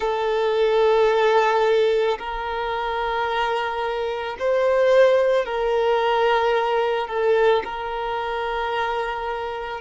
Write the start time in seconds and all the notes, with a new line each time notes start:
0.00 A4
2.18 A#4
4.39 C5
5.45 A#4
7.08 A4
7.64 A#4